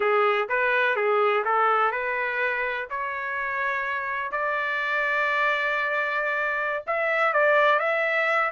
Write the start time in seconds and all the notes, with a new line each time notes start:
0.00 G#4
0.48 B4
0.96 G#4
1.44 A4
1.91 B4
2.90 C#5
4.31 D5
6.86 E5
7.33 D5
7.79 E5